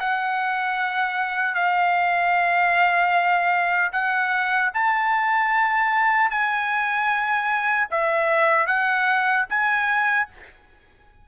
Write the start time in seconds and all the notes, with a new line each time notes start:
0.00 F#5
1.55 F5
3.92 F#5
4.74 A5
6.31 G#5
7.91 E5
8.67 F#5
9.50 G#5